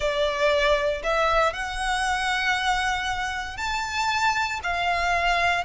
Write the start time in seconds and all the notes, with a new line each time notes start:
0.00 D5
1.03 E5
1.53 F#5
3.57 A5
4.63 F5